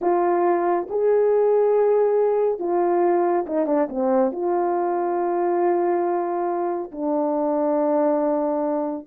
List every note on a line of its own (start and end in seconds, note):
0.01 0.87 F4
0.89 2.59 G#4
2.59 3.45 F4
3.46 3.66 D#4
3.66 3.88 D4
3.89 4.32 C4
4.32 6.91 F4
6.91 9.07 D4